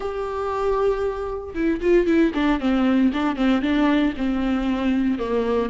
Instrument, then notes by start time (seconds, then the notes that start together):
viola
0.00 G4
1.54 E4
1.81 F4
2.06 E4
2.34 D4
2.60 C4
3.13 D4
3.36 C4
3.62 D4
4.17 C4
5.18 A#3